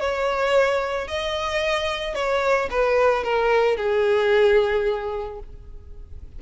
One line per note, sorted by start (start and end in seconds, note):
0.00 1.08 C#5
1.08 2.15 D#5
2.15 2.69 C#5
2.70 3.24 B4
3.24 3.77 A#4
3.77 5.39 G#4